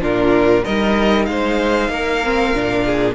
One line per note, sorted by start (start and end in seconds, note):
0.00 0.63 A#2
0.00 0.64 D4
0.00 0.64 F4
0.00 0.65 A#4
0.64 1.28 G3
0.64 2.23 D#4
0.64 1.27 A#4
0.64 1.25 D#5
1.25 1.89 G#3
1.25 1.90 C5
1.25 3.14 F5
1.89 2.52 A#3
1.89 2.85 A#4
2.23 2.55 C4
2.53 3.15 A#2
2.53 3.15 D4
2.85 3.15 G#4